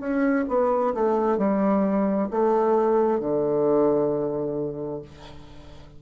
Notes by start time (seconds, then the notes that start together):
0.00 C#4
0.49 B3
0.94 A3
1.38 G3
2.31 A3
3.20 D3